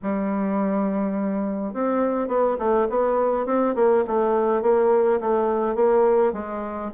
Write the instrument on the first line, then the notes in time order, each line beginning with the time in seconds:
bassoon
0.02 G3
1.73 C4
2.28 B3
2.58 A3
2.89 B3
3.45 C4
3.75 A#3
4.07 A3
4.62 A#3
5.20 A3
5.75 A#3
6.33 G#3